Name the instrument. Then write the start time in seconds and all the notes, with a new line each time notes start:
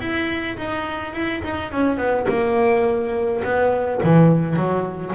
double bass
0.00 E4
0.58 D#4
1.14 E4
1.44 D#4
1.72 C#4
1.98 B3
2.29 A#3
3.44 B3
4.04 E3
4.56 F#3